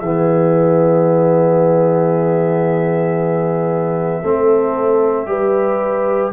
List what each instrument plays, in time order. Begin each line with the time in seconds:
0.00 tuba E3, trombone B3, horn G#4, trumpet E5
4.22 tuba A3, trombone C4, horn A4
5.26 tuba G3, trombone G4, horn B4